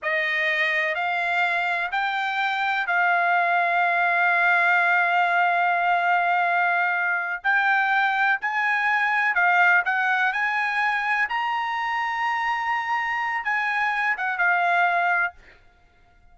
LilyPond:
\new Staff \with { instrumentName = "trumpet" } { \time 4/4 \tempo 4 = 125 dis''2 f''2 | g''2 f''2~ | f''1~ | f''2.~ f''8 g''8~ |
g''4. gis''2 f''8~ | f''8 fis''4 gis''2 ais''8~ | ais''1 | gis''4. fis''8 f''2 | }